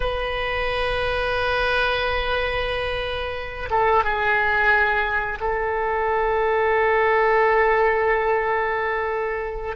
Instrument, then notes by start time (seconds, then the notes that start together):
oboe
0.00 B4
3.70 A4
4.04 G#4
5.40 A4